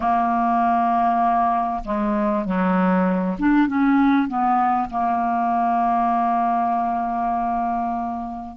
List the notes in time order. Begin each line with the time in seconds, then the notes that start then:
0.00 A#3
1.84 G#3
2.45 F#3
3.38 D4
3.67 C#4
4.27 B3
4.90 A#3